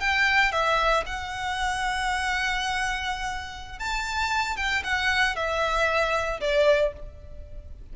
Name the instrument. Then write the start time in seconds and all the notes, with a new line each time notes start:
violin
0.00 G5
0.51 E5
1.06 F#5
3.79 A5
4.57 G5
4.83 F#5
5.35 E5
6.41 D5